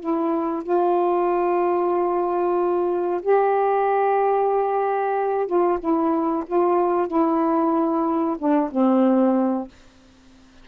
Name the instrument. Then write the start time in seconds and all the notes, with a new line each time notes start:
saxophone
0.00 E4
0.63 F4
3.22 G4
5.47 F4
5.79 E4
6.46 F4
7.08 E4
8.38 D4
8.71 C4